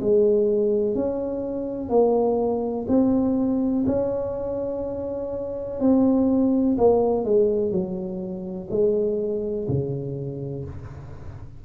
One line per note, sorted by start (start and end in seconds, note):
0.00 0.95 G#3
0.95 1.89 C#4
1.89 2.85 A#3
2.88 3.84 C4
3.86 5.79 C#4
5.79 6.76 C4
6.77 7.24 A#3
7.24 7.71 G#3
7.71 8.67 F#3
8.70 9.67 G#3
9.68 10.65 C#3